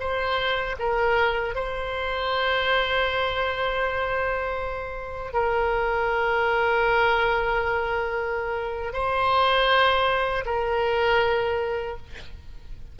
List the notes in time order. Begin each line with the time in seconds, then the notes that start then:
0.00 C5
0.79 A#4
1.55 C5
5.33 A#4
8.93 C5
10.45 A#4